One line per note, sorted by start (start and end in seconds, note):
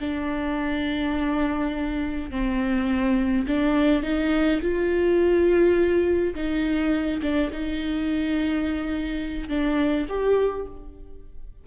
0.00 2.31 D4
2.31 3.46 C4
3.47 4.03 D4
4.03 4.60 D#4
4.62 6.35 F4
6.35 7.21 D#4
7.22 7.51 D4
7.52 9.49 D#4
9.49 10.06 D4
10.09 10.67 G4